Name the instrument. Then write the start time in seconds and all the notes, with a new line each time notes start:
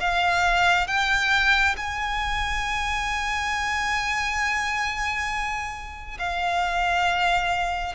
violin
0.00 F5
0.87 G5
1.77 G#5
6.19 F5